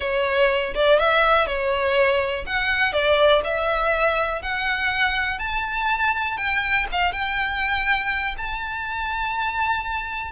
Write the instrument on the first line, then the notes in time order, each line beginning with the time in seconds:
violin
0.00 C#5
0.74 D5
0.99 E5
1.46 C#5
2.46 F#5
2.92 D5
3.44 E5
4.42 F#5
5.39 A5
6.37 G5
6.91 F5
7.12 G5
8.37 A5